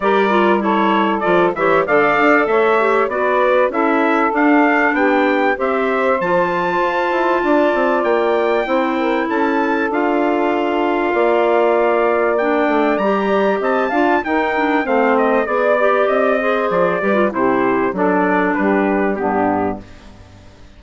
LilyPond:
<<
  \new Staff \with { instrumentName = "trumpet" } { \time 4/4 \tempo 4 = 97 d''4 cis''4 d''8 e''8 f''4 | e''4 d''4 e''4 f''4 | g''4 e''4 a''2~ | a''4 g''2 a''4 |
f''1 | g''4 ais''4 a''4 g''4 | f''8 dis''8 d''4 dis''4 d''4 | c''4 d''4 b'4 g'4 | }
  \new Staff \with { instrumentName = "saxophone" } { \time 4/4 ais'4 a'4. cis''8 d''4 | cis''4 b'4 a'2 | g'4 c''2. | d''2 c''8 ais'8 a'4~ |
a'2 d''2~ | d''2 dis''8 f''8 ais'4 | c''4 d''4. c''4 b'8 | g'4 a'4 g'4 d'4 | }
  \new Staff \with { instrumentName = "clarinet" } { \time 4/4 g'8 f'8 e'4 f'8 g'8 a'4~ | a'8 g'8 fis'4 e'4 d'4~ | d'4 g'4 f'2~ | f'2 e'2 |
f'1 | d'4 g'4. f'8 dis'8 d'8 | c'4 gis'8 g'4 gis'4 g'16 f'16 | e'4 d'2 b4 | }
  \new Staff \with { instrumentName = "bassoon" } { \time 4/4 g2 f8 e8 d8 d'8 | a4 b4 cis'4 d'4 | b4 c'4 f4 f'8 e'8 | d'8 c'8 ais4 c'4 cis'4 |
d'2 ais2~ | ais8 a8 g4 c'8 d'8 dis'4 | a4 b4 c'4 f8 g8 | c4 fis4 g4 g,4 | }
>>